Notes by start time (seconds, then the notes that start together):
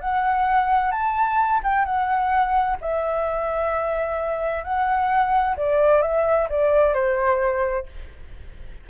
0.00 F#5
0.91 A5
1.63 G5
1.85 F#5
2.81 E5
4.63 F#5
5.57 D5
6.02 E5
6.49 D5
6.94 C5